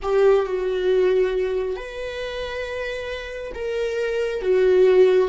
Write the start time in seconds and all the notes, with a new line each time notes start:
0.02 G4
0.46 F#4
1.76 B4
3.54 A#4
4.42 F#4